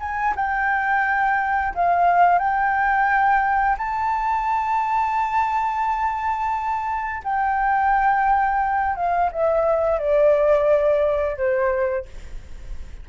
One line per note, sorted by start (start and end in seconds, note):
0.00 0.34 G#5
0.36 1.74 G5
1.75 2.39 F5
2.39 3.77 G5
3.78 7.23 A5
7.24 8.96 G5
8.96 9.30 F5
9.32 9.99 E5
9.99 11.37 D5
11.37 12.06 C5